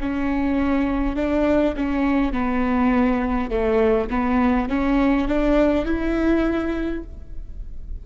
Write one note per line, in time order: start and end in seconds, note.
0.00 1.16 C#4
1.16 1.74 D4
1.76 2.33 C#4
2.33 3.50 B3
3.50 4.09 A3
4.10 4.68 B3
4.68 5.27 C#4
5.27 5.85 D4
5.85 7.03 E4